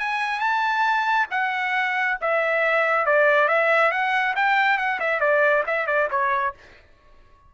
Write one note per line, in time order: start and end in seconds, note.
0.00 0.40 G#5
0.40 1.27 A5
1.31 2.18 F#5
2.22 3.07 E5
3.07 3.49 D5
3.49 3.92 E5
3.92 4.35 F#5
4.36 4.78 G5
4.78 5.00 F#5
5.00 5.21 E5
5.21 5.64 D5
5.67 5.87 E5
5.87 6.09 D5
6.11 6.55 C#5